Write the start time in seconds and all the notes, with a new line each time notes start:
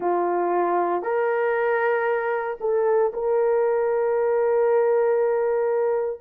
0.00 F4
1.02 A#4
2.60 A4
3.13 A#4